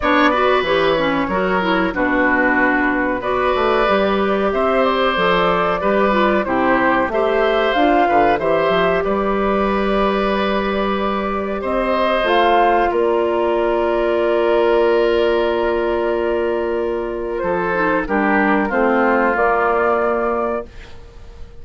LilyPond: <<
  \new Staff \with { instrumentName = "flute" } { \time 4/4 \tempo 4 = 93 d''4 cis''2 b'4~ | b'4 d''2 e''8 d''8~ | d''2 c''4 e''4 | f''4 e''4 d''2~ |
d''2 dis''4 f''4 | d''1~ | d''2. c''4 | ais'4 c''4 d''2 | }
  \new Staff \with { instrumentName = "oboe" } { \time 4/4 cis''8 b'4. ais'4 fis'4~ | fis'4 b'2 c''4~ | c''4 b'4 g'4 c''4~ | c''8 b'8 c''4 b'2~ |
b'2 c''2 | ais'1~ | ais'2. a'4 | g'4 f'2. | }
  \new Staff \with { instrumentName = "clarinet" } { \time 4/4 d'8 fis'8 g'8 cis'8 fis'8 e'8 d'4~ | d'4 fis'4 g'2 | a'4 g'8 f'8 e'4 g'4 | f'4 g'2.~ |
g'2. f'4~ | f'1~ | f'2.~ f'8 dis'8 | d'4 c'4 ais2 | }
  \new Staff \with { instrumentName = "bassoon" } { \time 4/4 b4 e4 fis4 b,4~ | b,4 b8 a8 g4 c'4 | f4 g4 c4 a4 | d'8 d8 e8 f8 g2~ |
g2 c'4 a4 | ais1~ | ais2. f4 | g4 a4 ais2 | }
>>